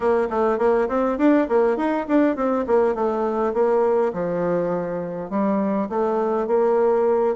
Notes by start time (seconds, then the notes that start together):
0.00 A#3
0.29 A3
0.58 A#3
0.88 C4
1.18 D4
1.48 A#3
1.76 D#4
2.08 D4
2.35 C4
2.66 A#3
2.94 A3
3.53 A#3
4.13 F3
5.29 G3
5.89 A3
6.47 A#3